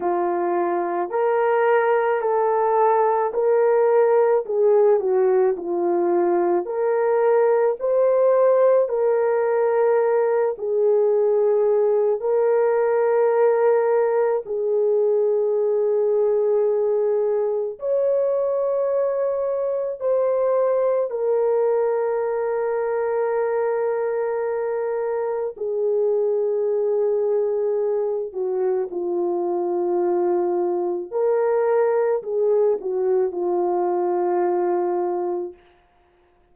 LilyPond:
\new Staff \with { instrumentName = "horn" } { \time 4/4 \tempo 4 = 54 f'4 ais'4 a'4 ais'4 | gis'8 fis'8 f'4 ais'4 c''4 | ais'4. gis'4. ais'4~ | ais'4 gis'2. |
cis''2 c''4 ais'4~ | ais'2. gis'4~ | gis'4. fis'8 f'2 | ais'4 gis'8 fis'8 f'2 | }